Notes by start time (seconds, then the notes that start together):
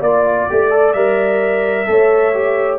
0.00 A#3 F4 D5
0.49 A3 G4
0.70 A4
0.93 G3 A#4 E5
1.86 A3 A4 C#5
2.34 G4